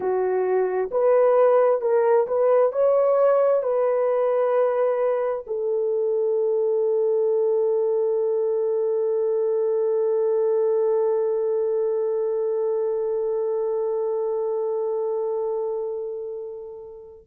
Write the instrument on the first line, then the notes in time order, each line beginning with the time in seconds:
horn
0.00 F#4
0.91 B4
1.81 A#4
2.27 B4
2.72 C#5
3.62 B4
5.47 A4